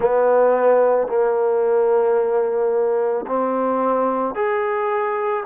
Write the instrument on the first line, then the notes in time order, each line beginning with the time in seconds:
trombone
0.00 B3
1.07 A#3
3.27 C4
4.34 G#4